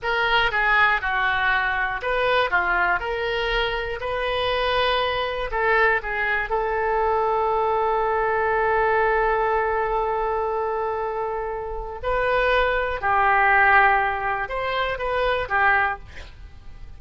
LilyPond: \new Staff \with { instrumentName = "oboe" } { \time 4/4 \tempo 4 = 120 ais'4 gis'4 fis'2 | b'4 f'4 ais'2 | b'2. a'4 | gis'4 a'2.~ |
a'1~ | a'1 | b'2 g'2~ | g'4 c''4 b'4 g'4 | }